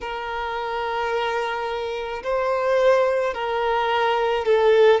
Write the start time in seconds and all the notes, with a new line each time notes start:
0.00 A#4
2.23 C5
3.34 A#4
4.44 A4